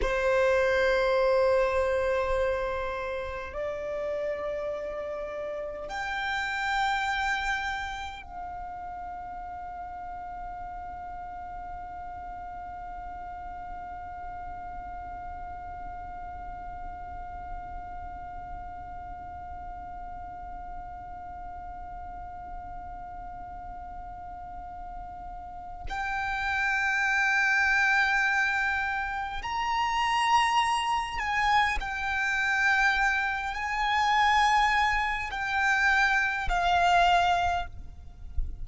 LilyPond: \new Staff \with { instrumentName = "violin" } { \time 4/4 \tempo 4 = 51 c''2. d''4~ | d''4 g''2 f''4~ | f''1~ | f''1~ |
f''1~ | f''2 g''2~ | g''4 ais''4. gis''8 g''4~ | g''8 gis''4. g''4 f''4 | }